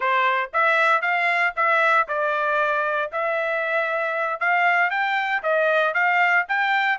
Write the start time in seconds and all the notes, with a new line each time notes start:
0.00 C5
0.53 E5
1.01 F5
1.55 E5
2.08 D5
3.12 E5
4.39 F5
4.90 G5
5.42 D#5
5.94 F5
6.48 G5